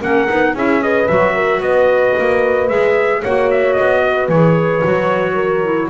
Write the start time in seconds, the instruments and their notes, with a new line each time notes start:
0.00 double bass A#3, clarinet C#4, horn A#4, trumpet F#5
0.27 double bass B3, clarinet D#4
0.54 double bass C#4, clarinet E4, horn G#4, trumpet E5
0.80 clarinet G#4, horn B4, trumpet D#5
1.07 double bass F#3, clarinet F#4, trumpet E5
1.34 horn A#4
1.60 double bass B3, horn B4, trumpet D#5
2.18 double bass A#3
2.68 double bass G#3, clarinet G#4, trumpet E5
3.21 double bass A#3, clarinet F#4, horn C#5, trumpet F#5
3.50 trumpet E5
3.73 double bass B3, trumpet D#5
4.02 horn B4
4.28 double bass E3, clarinet G#4, trumpet C#5
4.84 double bass F#3, clarinet F#4
5.34 horn A#4
5.64 clarinet E4